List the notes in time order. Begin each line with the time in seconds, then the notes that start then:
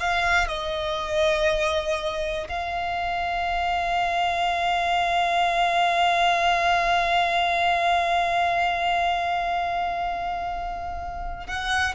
0.00 F5
0.48 D#5
2.49 F5
11.47 F#5